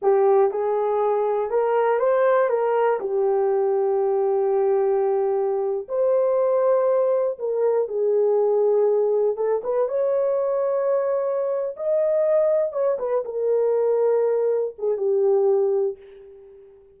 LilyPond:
\new Staff \with { instrumentName = "horn" } { \time 4/4 \tempo 4 = 120 g'4 gis'2 ais'4 | c''4 ais'4 g'2~ | g'2.~ g'8. c''16~ | c''2~ c''8. ais'4 gis'16~ |
gis'2~ gis'8. a'8 b'8 cis''16~ | cis''2.~ cis''8 dis''8~ | dis''4. cis''8 b'8 ais'4.~ | ais'4. gis'8 g'2 | }